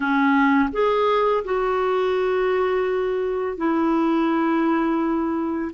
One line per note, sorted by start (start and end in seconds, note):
0.00 0.69 C#4
0.72 1.44 G#4
1.44 3.57 F#4
3.57 5.71 E4